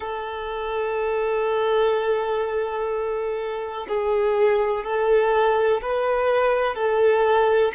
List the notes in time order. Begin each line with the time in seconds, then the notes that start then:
0.00 A4
3.88 G#4
4.84 A4
5.81 B4
6.75 A4